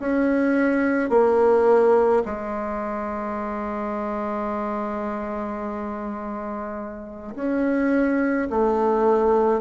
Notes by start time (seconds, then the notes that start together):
0.00 C#4
1.10 A#3
2.26 G#3
7.35 C#4
8.51 A3